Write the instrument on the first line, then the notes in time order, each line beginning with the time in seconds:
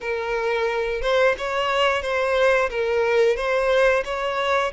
violin
0.00 A#4
1.01 C5
1.38 C#5
2.02 C5
2.70 A#4
3.36 C5
4.04 C#5